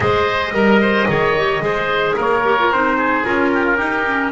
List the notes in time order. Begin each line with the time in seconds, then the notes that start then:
0.00 G#3 G#4 C5 D#5
0.52 G3 A#4
0.81 C5
1.08 D#3 G#4 C#5
1.37 G4
1.60 G#3 G#4 C5
2.16 A#3 A#4 C#5
2.44 G4
2.59 F4
2.70 C4 D#4 C5
2.97 G#4
3.23 C#4 F4 A#4
3.53 G4
3.65 F4
3.76 D#4 G4
4.07 C#4